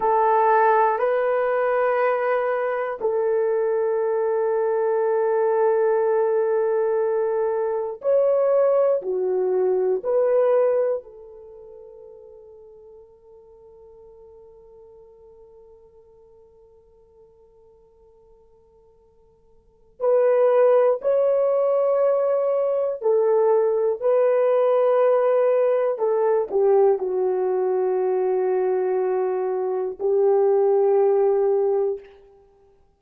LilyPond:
\new Staff \with { instrumentName = "horn" } { \time 4/4 \tempo 4 = 60 a'4 b'2 a'4~ | a'1 | cis''4 fis'4 b'4 a'4~ | a'1~ |
a'1 | b'4 cis''2 a'4 | b'2 a'8 g'8 fis'4~ | fis'2 g'2 | }